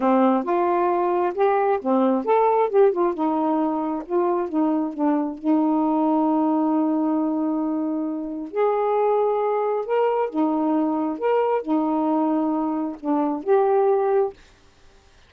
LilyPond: \new Staff \with { instrumentName = "saxophone" } { \time 4/4 \tempo 4 = 134 c'4 f'2 g'4 | c'4 a'4 g'8 f'8 dis'4~ | dis'4 f'4 dis'4 d'4 | dis'1~ |
dis'2. gis'4~ | gis'2 ais'4 dis'4~ | dis'4 ais'4 dis'2~ | dis'4 d'4 g'2 | }